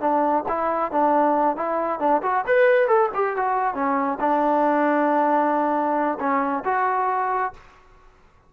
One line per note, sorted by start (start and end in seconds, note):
0.00 0.44 D4
0.48 0.92 E4
0.92 1.56 D4
1.56 2.00 E4
2.00 2.22 D4
2.23 2.45 F#4
2.47 2.88 B4
2.88 3.10 A4
3.14 3.36 G4
3.36 3.74 F#4
3.74 4.19 C#4
4.20 6.18 D4
6.19 6.64 C#4
6.65 7.53 F#4